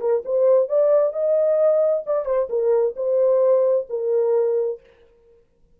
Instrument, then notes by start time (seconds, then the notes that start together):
horn
0.00 A#4
0.25 C5
0.68 D5
1.13 D#5
2.06 D5
2.25 C5
2.49 A#4
2.96 C5
3.89 A#4